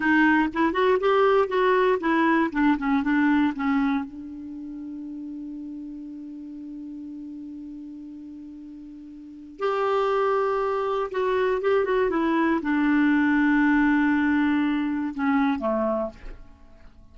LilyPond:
\new Staff \with { instrumentName = "clarinet" } { \time 4/4 \tempo 4 = 119 dis'4 e'8 fis'8 g'4 fis'4 | e'4 d'8 cis'8 d'4 cis'4 | d'1~ | d'1~ |
d'2. g'4~ | g'2 fis'4 g'8 fis'8 | e'4 d'2.~ | d'2 cis'4 a4 | }